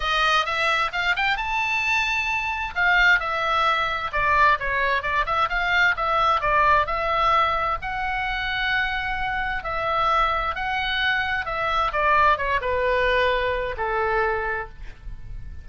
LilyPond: \new Staff \with { instrumentName = "oboe" } { \time 4/4 \tempo 4 = 131 dis''4 e''4 f''8 g''8 a''4~ | a''2 f''4 e''4~ | e''4 d''4 cis''4 d''8 e''8 | f''4 e''4 d''4 e''4~ |
e''4 fis''2.~ | fis''4 e''2 fis''4~ | fis''4 e''4 d''4 cis''8 b'8~ | b'2 a'2 | }